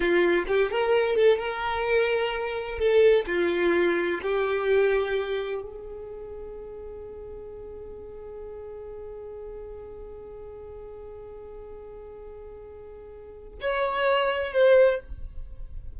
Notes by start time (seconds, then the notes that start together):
0.00 F4
0.47 G4
0.71 A#4
1.15 A4
1.38 A#4
2.78 A4
3.26 F4
4.22 G4
5.62 G#4
13.61 C#5
14.52 C5